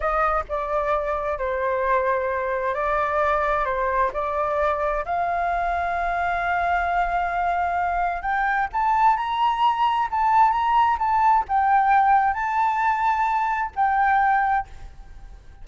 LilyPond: \new Staff \with { instrumentName = "flute" } { \time 4/4 \tempo 4 = 131 dis''4 d''2 c''4~ | c''2 d''2 | c''4 d''2 f''4~ | f''1~ |
f''2 g''4 a''4 | ais''2 a''4 ais''4 | a''4 g''2 a''4~ | a''2 g''2 | }